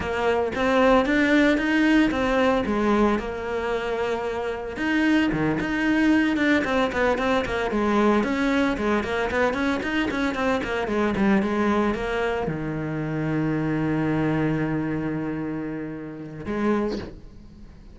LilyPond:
\new Staff \with { instrumentName = "cello" } { \time 4/4 \tempo 4 = 113 ais4 c'4 d'4 dis'4 | c'4 gis4 ais2~ | ais4 dis'4 dis8 dis'4. | d'8 c'8 b8 c'8 ais8 gis4 cis'8~ |
cis'8 gis8 ais8 b8 cis'8 dis'8 cis'8 c'8 | ais8 gis8 g8 gis4 ais4 dis8~ | dis1~ | dis2. gis4 | }